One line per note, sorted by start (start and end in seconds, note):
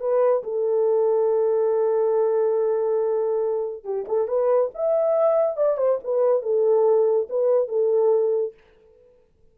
0.00 0.43 B4
0.43 3.84 A4
3.84 4.05 G4
4.08 4.27 A4
4.27 4.70 B4
4.74 5.56 E5
5.56 5.77 D5
5.77 5.99 C5
6.03 6.42 B4
6.42 7.27 A4
7.29 7.68 B4
7.68 8.54 A4